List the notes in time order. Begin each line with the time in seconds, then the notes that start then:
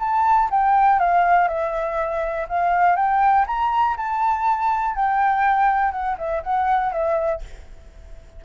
0.00 A5
0.51 G5
0.99 F5
1.48 E5
2.49 F5
2.97 G5
3.47 A#5
3.97 A5
4.96 G5
5.92 F#5
6.18 E5
6.44 F#5
6.92 E5